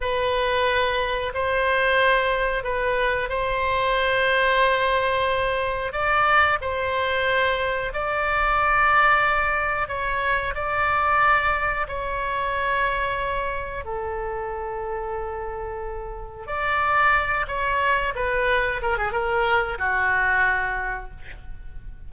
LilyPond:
\new Staff \with { instrumentName = "oboe" } { \time 4/4 \tempo 4 = 91 b'2 c''2 | b'4 c''2.~ | c''4 d''4 c''2 | d''2. cis''4 |
d''2 cis''2~ | cis''4 a'2.~ | a'4 d''4. cis''4 b'8~ | b'8 ais'16 gis'16 ais'4 fis'2 | }